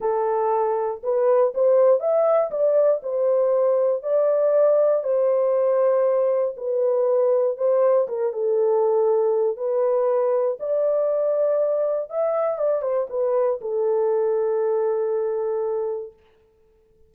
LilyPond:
\new Staff \with { instrumentName = "horn" } { \time 4/4 \tempo 4 = 119 a'2 b'4 c''4 | e''4 d''4 c''2 | d''2 c''2~ | c''4 b'2 c''4 |
ais'8 a'2~ a'8 b'4~ | b'4 d''2. | e''4 d''8 c''8 b'4 a'4~ | a'1 | }